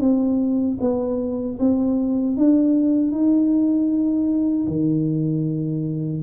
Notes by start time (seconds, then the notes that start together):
0.00 C4
0.80 B3
1.59 C4
2.37 D4
3.11 D#4
4.67 D#3